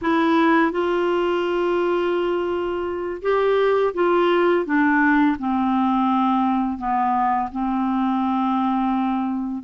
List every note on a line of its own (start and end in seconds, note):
0.01 0.71 E4
0.71 3.21 F4
3.21 3.93 G4
3.94 4.65 F4
4.65 5.36 D4
5.39 6.78 C4
6.78 7.49 B3
7.52 9.63 C4